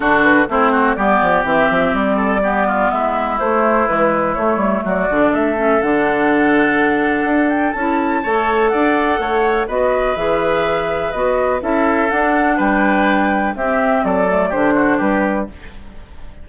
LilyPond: <<
  \new Staff \with { instrumentName = "flute" } { \time 4/4 \tempo 4 = 124 a'8 b'8 c''4 d''4 e''4 | d''2 e''4 c''4 | b'4 cis''4 d''4 e''4 | fis''2.~ fis''8 g''8 |
a''2 fis''2 | dis''4 e''2 dis''4 | e''4 fis''4 g''2 | e''4 d''4 c''4 b'4 | }
  \new Staff \with { instrumentName = "oboe" } { \time 4/4 fis'4 e'8 fis'8 g'2~ | g'8 a'8 g'8 f'8 e'2~ | e'2 fis'4 a'4~ | a'1~ |
a'4 cis''4 d''4 cis''4 | b'1 | a'2 b'2 | g'4 a'4 g'8 fis'8 g'4 | }
  \new Staff \with { instrumentName = "clarinet" } { \time 4/4 d'4 c'4 b4 c'4~ | c'4 b2 a4 | gis4 a4. d'4 cis'8 | d'1 |
e'4 a'2. | fis'4 gis'2 fis'4 | e'4 d'2. | c'4. a8 d'2 | }
  \new Staff \with { instrumentName = "bassoon" } { \time 4/4 d4 a4 g8 f8 e8 f8 | g2 gis4 a4 | e4 a8 g8 fis8 d8 a4 | d2. d'4 |
cis'4 a4 d'4 a4 | b4 e2 b4 | cis'4 d'4 g2 | c'4 fis4 d4 g4 | }
>>